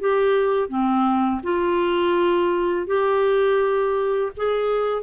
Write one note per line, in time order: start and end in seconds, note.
0.00 0.69 G4
0.69 1.41 C4
1.43 2.87 F4
2.87 4.31 G4
4.37 5.02 G#4